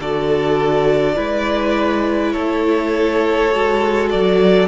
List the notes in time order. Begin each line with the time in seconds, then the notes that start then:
0.00 D3 F#4 A4 D5
1.16 G#3 E4 B4
2.32 A3 A4 C#5
3.52 G#3 F#4
4.10 F#3 D5